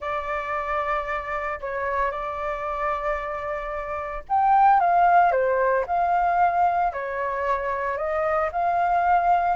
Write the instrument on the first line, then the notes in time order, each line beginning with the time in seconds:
flute
0.00 D5
1.60 C#5
2.11 D5
4.28 G5
4.80 F5
5.31 C5
5.86 F5
6.93 C#5
7.97 D#5
8.51 F5